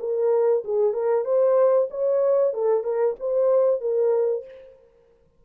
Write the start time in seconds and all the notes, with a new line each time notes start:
0.00 A#4
0.65 G#4
0.94 A#4
1.25 C5
1.91 C#5
2.54 A4
2.84 A#4
3.20 C5
3.81 A#4